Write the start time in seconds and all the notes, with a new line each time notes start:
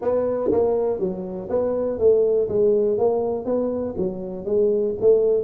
0.01 B3
0.51 A#3
0.99 F#3
1.49 B3
1.98 A3
2.48 G#3
2.98 A#3
3.45 B3
3.97 F#3
4.45 G#3
5.00 A3